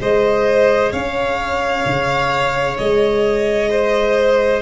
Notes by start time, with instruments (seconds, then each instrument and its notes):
0.00 tuba G#3, viola G#4, violin C5 D#5
0.92 tuba C#4, violin C#5 F5
1.86 tuba C#3
2.78 tuba G#3, violin D#5
3.71 violin C5